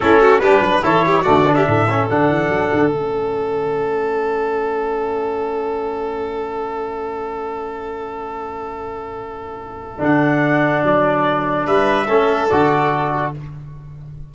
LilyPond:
<<
  \new Staff \with { instrumentName = "trumpet" } { \time 4/4 \tempo 4 = 144 a'4 b'4 cis''4 d''8. e''16~ | e''4 fis''2 e''4~ | e''1~ | e''1~ |
e''1~ | e''1 | fis''2 d''2 | e''2 d''2 | }
  \new Staff \with { instrumentName = "violin" } { \time 4/4 e'8 fis'8 g'8 b'8 a'8 g'8 fis'8. g'16 | a'1~ | a'1~ | a'1~ |
a'1~ | a'1~ | a'1 | b'4 a'2. | }
  \new Staff \with { instrumentName = "trombone" } { \time 4/4 cis'4 d'4 e'4 a8 d'8~ | d'8 cis'8 d'2 cis'4~ | cis'1~ | cis'1~ |
cis'1~ | cis'1 | d'1~ | d'4 cis'4 fis'2 | }
  \new Staff \with { instrumentName = "tuba" } { \time 4/4 a4 g8 fis8 e4 d4 | a,4 d8 e8 fis8 d8 a4~ | a1~ | a1~ |
a1~ | a1 | d2 fis2 | g4 a4 d2 | }
>>